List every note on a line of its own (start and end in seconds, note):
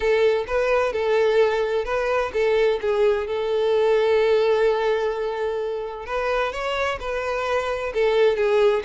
0.00 0.45 A4
0.47 0.92 B4
0.92 1.85 A4
1.85 2.31 B4
2.33 2.79 A4
2.81 3.27 G#4
3.27 6.06 A4
6.06 6.52 B4
6.52 6.99 C#5
6.99 7.92 B4
7.93 8.36 A4
8.36 8.82 G#4